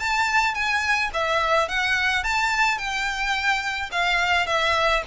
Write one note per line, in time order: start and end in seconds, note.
0.00 0.55 A5
0.55 1.11 G#5
1.14 1.69 E5
1.69 2.24 F#5
2.24 2.78 A5
2.78 3.90 G5
3.92 4.47 F5
4.47 5.03 E5